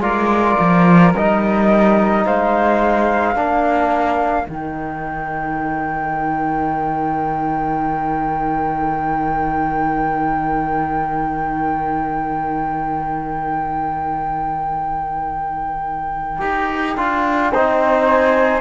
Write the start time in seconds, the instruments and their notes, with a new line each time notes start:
0.00 cello G#3, trombone F4, flute A#4 D5
0.60 cello F3
1.14 cello G3, trombone D#4, flute D#5
2.25 cello G#3, flute C5 F5
3.34 cello A#3, trombone D4, flute A#4
4.45 cello D#3, trombone D#4, flute G5
16.39 cello D#4, trombone G4
16.97 cello D4, trombone F4
17.52 cello C4, trombone D#4, flute C5
18.07 flute G#5